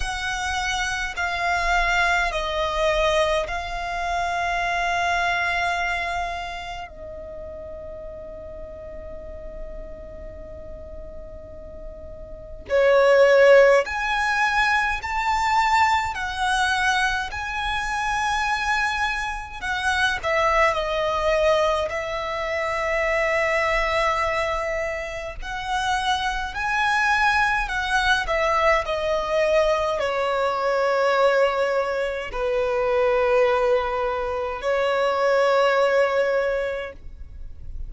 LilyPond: \new Staff \with { instrumentName = "violin" } { \time 4/4 \tempo 4 = 52 fis''4 f''4 dis''4 f''4~ | f''2 dis''2~ | dis''2. cis''4 | gis''4 a''4 fis''4 gis''4~ |
gis''4 fis''8 e''8 dis''4 e''4~ | e''2 fis''4 gis''4 | fis''8 e''8 dis''4 cis''2 | b'2 cis''2 | }